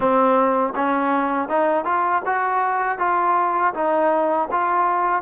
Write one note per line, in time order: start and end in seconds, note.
0.00 0.73 C4
0.75 1.48 C#4
1.48 1.84 D#4
1.84 2.22 F4
2.25 2.98 F#4
2.98 3.73 F4
3.74 4.49 D#4
4.51 5.22 F4